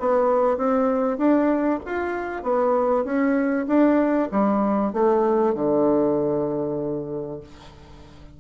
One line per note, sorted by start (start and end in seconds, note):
0.00 0.58 B3
0.58 1.18 C4
1.18 1.80 D4
1.86 2.43 F4
2.43 3.05 B3
3.05 3.67 C#4
3.68 4.30 D4
4.32 4.93 G3
4.93 5.55 A3
5.55 7.41 D3